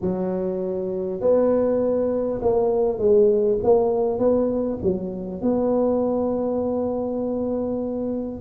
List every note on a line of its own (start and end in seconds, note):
0.01 1.20 F#3
1.20 2.40 B3
2.41 2.98 A#3
2.98 3.58 G#3
3.63 4.18 A#3
4.18 4.78 B3
4.82 5.41 F#3
5.41 8.40 B3